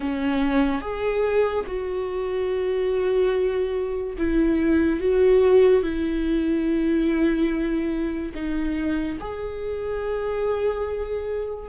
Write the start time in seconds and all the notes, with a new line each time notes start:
0.00 C#4
0.81 G#4
1.66 F#4
4.17 E4
5.00 F#4
5.82 E4
8.34 D#4
9.19 G#4